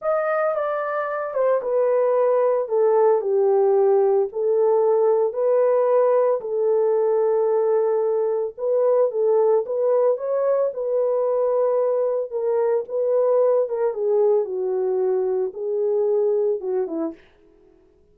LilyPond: \new Staff \with { instrumentName = "horn" } { \time 4/4 \tempo 4 = 112 dis''4 d''4. c''8 b'4~ | b'4 a'4 g'2 | a'2 b'2 | a'1 |
b'4 a'4 b'4 cis''4 | b'2. ais'4 | b'4. ais'8 gis'4 fis'4~ | fis'4 gis'2 fis'8 e'8 | }